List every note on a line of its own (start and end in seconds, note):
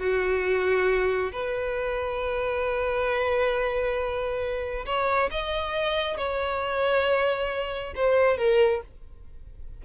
0.00 1.32 F#4
1.33 4.86 B4
4.86 5.30 C#5
5.31 6.18 D#5
6.18 7.94 C#5
7.96 8.38 C5
8.38 8.82 A#4